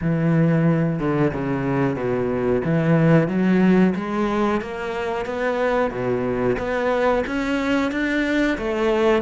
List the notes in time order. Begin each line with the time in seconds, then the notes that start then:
0.01 E3
0.99 D3
1.33 C#3
1.96 B2
2.64 E3
3.28 F#3
3.95 G#3
4.61 A#3
5.25 B3
5.90 B2
6.58 B3
7.26 C#4
7.91 D4
8.58 A3